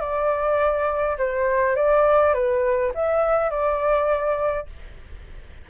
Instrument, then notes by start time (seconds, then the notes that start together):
flute
0.00 D5
1.18 C5
1.75 D5
2.34 B4
2.94 E5
3.50 D5